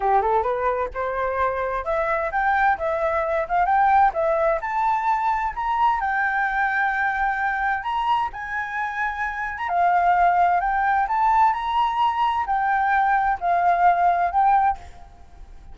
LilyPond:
\new Staff \with { instrumentName = "flute" } { \time 4/4 \tempo 4 = 130 g'8 a'8 b'4 c''2 | e''4 g''4 e''4. f''8 | g''4 e''4 a''2 | ais''4 g''2.~ |
g''4 ais''4 gis''2~ | gis''8. ais''16 f''2 g''4 | a''4 ais''2 g''4~ | g''4 f''2 g''4 | }